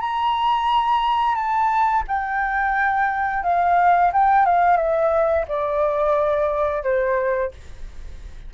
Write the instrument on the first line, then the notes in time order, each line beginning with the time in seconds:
flute
0.00 A#5
1.35 A5
2.07 G5
3.43 F5
4.12 G5
4.45 F5
4.77 E5
5.48 D5
6.83 C5